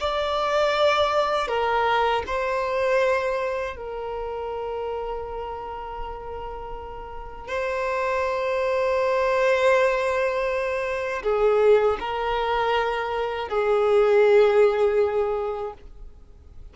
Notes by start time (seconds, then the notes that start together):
0.00 D5
1.48 A#4
2.26 C5
3.76 A#4
7.47 C5
11.23 G#4
11.99 A#4
13.48 G#4